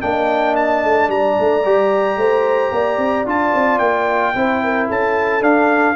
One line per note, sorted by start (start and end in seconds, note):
0.00 0.83 A#3
0.00 1.62 D4
0.00 1.11 D#5
0.00 0.55 G5
0.56 1.10 A5
0.83 1.08 A3
1.08 1.35 G3
1.08 2.19 D5
1.08 3.26 A#5
1.39 1.64 A3
1.64 2.16 G3
1.64 3.26 G4
2.16 2.70 A3
2.16 2.73 C5
2.71 2.97 A#3
2.71 4.35 D5
2.97 3.24 C4
3.25 3.52 D4
3.25 4.34 F4
3.25 3.78 A5
3.54 3.78 C4
3.78 4.33 A#3
3.78 4.86 G5
4.34 4.89 C4
4.34 5.41 E4
4.34 4.63 C5
4.63 4.87 A#4
4.87 5.41 C#4
4.87 5.95 A4
4.87 5.43 A5
5.41 5.95 D4
5.41 5.96 F5